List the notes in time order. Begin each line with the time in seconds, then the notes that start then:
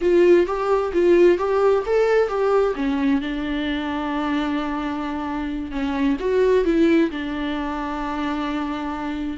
0.01 F4
0.46 G4
0.93 F4
1.38 G4
1.85 A4
2.28 G4
2.75 C#4
3.21 D4
5.71 C#4
6.19 F#4
6.64 E4
7.11 D4